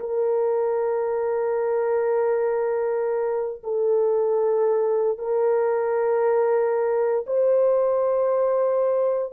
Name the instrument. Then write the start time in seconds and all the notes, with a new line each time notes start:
horn
0.00 A#4
3.64 A4
5.19 A#4
7.27 C5